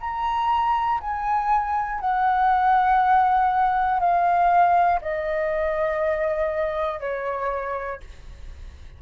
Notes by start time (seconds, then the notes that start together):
0.00 A#5
1.01 G#5
2.00 F#5
4.00 F5
5.01 D#5
7.00 C#5